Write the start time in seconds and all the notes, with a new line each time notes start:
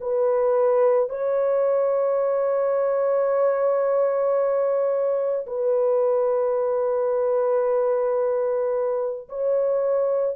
0.00 B4
1.09 C#5
5.46 B4
9.29 C#5